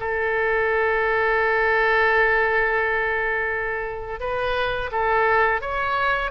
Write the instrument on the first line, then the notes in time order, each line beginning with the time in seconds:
oboe
0.00 A4
4.20 B4
4.92 A4
5.61 C#5